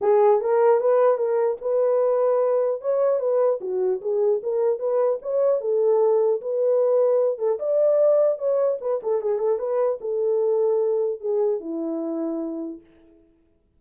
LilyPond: \new Staff \with { instrumentName = "horn" } { \time 4/4 \tempo 4 = 150 gis'4 ais'4 b'4 ais'4 | b'2. cis''4 | b'4 fis'4 gis'4 ais'4 | b'4 cis''4 a'2 |
b'2~ b'8 a'8 d''4~ | d''4 cis''4 b'8 a'8 gis'8 a'8 | b'4 a'2. | gis'4 e'2. | }